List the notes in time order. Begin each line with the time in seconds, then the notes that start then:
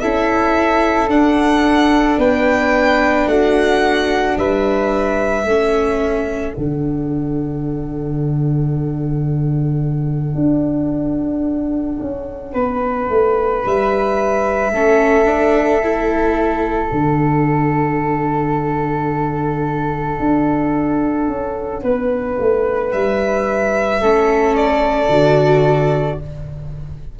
0.00 C#4 E4 A4 E5
1.07 D4 F#5
2.17 B3 B4 G5
3.26 A3 F#4 F#5
4.37 G3 B4 E5
5.44 A3 C#4 A4
6.53 D3 D4 F#5
10.35 D4
11.99 C#4
12.53 B3 B4
13.09 A3
13.65 G3 E5
14.71 A3 C#4 A4
15.25 D4
15.83 E4
16.90 D3 D4 F#5
20.19 D4
21.28 C#4
21.82 B3 B4
22.39 A3
22.92 G3 E5
24.01 A3 C#4 A4
24.56 D5
25.08 D3 F#4